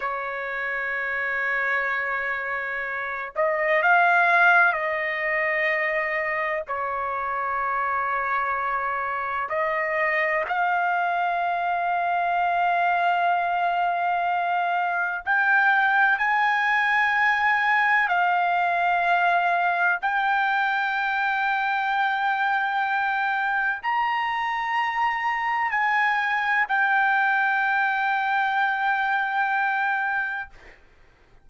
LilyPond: \new Staff \with { instrumentName = "trumpet" } { \time 4/4 \tempo 4 = 63 cis''2.~ cis''8 dis''8 | f''4 dis''2 cis''4~ | cis''2 dis''4 f''4~ | f''1 |
g''4 gis''2 f''4~ | f''4 g''2.~ | g''4 ais''2 gis''4 | g''1 | }